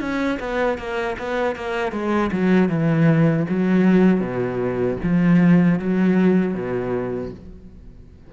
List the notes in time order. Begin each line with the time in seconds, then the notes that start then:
0.00 C#4
0.40 B3
0.78 A#3
1.19 B3
1.56 A#3
1.92 G#3
2.32 F#3
2.69 E3
3.50 F#3
4.21 B2
5.03 F3
5.79 F#3
6.54 B2